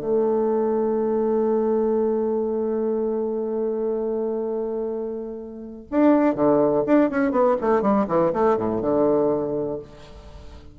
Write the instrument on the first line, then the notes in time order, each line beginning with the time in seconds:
bassoon
0.00 A3
5.90 D4
6.35 D3
6.86 D4
7.10 C#4
7.31 B3
7.61 A3
7.81 G3
8.08 E3
8.33 A3
8.57 A2
8.81 D3